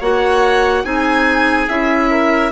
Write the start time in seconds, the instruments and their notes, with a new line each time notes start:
0.00 bassoon A#3, clarinet F#4, oboe C#5, violin F#5
0.84 bassoon C4, clarinet D#4, oboe G#4, violin G#5
1.69 bassoon C#4, clarinet E4, violin E5
2.10 oboe A#4